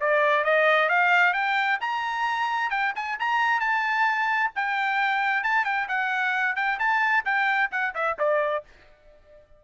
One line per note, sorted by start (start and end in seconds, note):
0.00 0.44 D5
0.44 0.88 D#5
0.88 1.33 F5
1.33 1.78 G5
1.80 2.70 A#5
2.70 2.93 G5
2.95 3.18 G#5
3.19 3.60 A#5
3.60 4.51 A5
4.55 5.43 G5
5.43 5.64 A5
5.64 5.87 G5
5.88 6.56 F#5
6.56 6.78 G5
6.79 7.24 A5
7.25 7.70 G5
7.71 7.94 F#5
7.94 8.17 E5
8.18 8.64 D5